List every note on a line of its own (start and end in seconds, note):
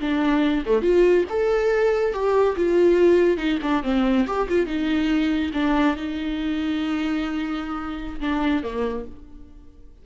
0.00 0.64 D4
0.66 0.82 A3
0.82 1.24 F4
1.29 2.13 A4
2.13 2.56 G4
2.56 3.37 F4
3.37 3.59 D#4
3.62 3.83 D4
3.83 4.26 C4
4.27 4.48 G4
4.49 4.66 F4
4.66 5.51 D#4
5.53 5.96 D4
5.96 8.20 D#4
8.20 8.63 D4
8.63 9.05 A#3